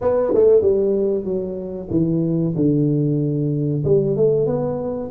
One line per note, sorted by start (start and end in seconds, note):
0.01 0.33 B3
0.34 0.61 A3
0.61 1.24 G3
1.24 1.88 F#3
1.90 2.54 E3
2.55 3.83 D3
3.84 4.16 G3
4.16 4.46 A3
4.46 5.10 B3